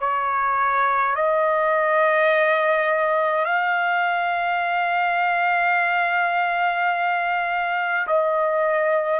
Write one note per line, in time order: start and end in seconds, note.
0.00 1.15 C#5
1.16 3.46 D#5
3.46 8.07 F5
8.07 9.20 D#5